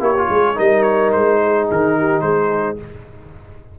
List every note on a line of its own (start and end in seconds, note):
0.00 0.28 A#3
0.00 0.14 E4
0.00 0.29 G4
0.00 0.59 C#5
0.17 0.55 F4
0.30 0.57 G#3
0.30 0.57 G#4
0.55 1.15 G3
0.55 2.77 D#4
0.55 1.40 A#4
0.55 0.83 D#5
0.83 1.11 C#5
1.13 1.70 G#3
1.13 1.68 C5
1.44 1.98 G#4
1.71 2.22 D#3
1.71 2.21 A#4
1.98 2.24 G4
2.21 2.78 G#3
2.21 2.79 G#4
2.21 2.77 C5